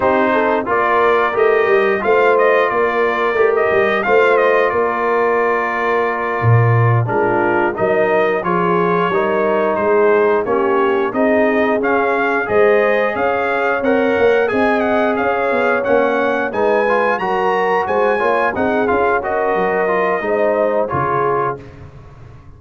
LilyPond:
<<
  \new Staff \with { instrumentName = "trumpet" } { \time 4/4 \tempo 4 = 89 c''4 d''4 dis''4 f''8 dis''8 | d''4~ d''16 dis''8. f''8 dis''8 d''4~ | d''2~ d''8 ais'4 dis''8~ | dis''8 cis''2 c''4 cis''8~ |
cis''8 dis''4 f''4 dis''4 f''8~ | f''8 fis''4 gis''8 fis''8 f''4 fis''8~ | fis''8 gis''4 ais''4 gis''4 fis''8 | f''8 dis''2~ dis''8 cis''4 | }
  \new Staff \with { instrumentName = "horn" } { \time 4/4 g'8 a'8 ais'2 c''4 | ais'2 c''4 ais'4~ | ais'2~ ais'8 f'4 ais'8~ | ais'8 gis'4 ais'4 gis'4 g'8~ |
g'8 gis'2 c''4 cis''8~ | cis''4. dis''4 cis''4.~ | cis''8 b'4 ais'4 c''8 cis''8 gis'8~ | gis'8 ais'4. c''4 gis'4 | }
  \new Staff \with { instrumentName = "trombone" } { \time 4/4 dis'4 f'4 g'4 f'4~ | f'4 g'4 f'2~ | f'2~ f'8 d'4 dis'8~ | dis'8 f'4 dis'2 cis'8~ |
cis'8 dis'4 cis'4 gis'4.~ | gis'8 ais'4 gis'2 cis'8~ | cis'8 dis'8 f'8 fis'4. f'8 dis'8 | f'8 fis'4 f'8 dis'4 f'4 | }
  \new Staff \with { instrumentName = "tuba" } { \time 4/4 c'4 ais4 a8 g8 a4 | ais4 a8 g8 a4 ais4~ | ais4. ais,4 gis4 fis8~ | fis8 f4 g4 gis4 ais8~ |
ais8 c'4 cis'4 gis4 cis'8~ | cis'8 c'8 ais8 c'4 cis'8 b8 ais8~ | ais8 gis4 fis4 gis8 ais8 c'8 | cis'4 fis4 gis4 cis4 | }
>>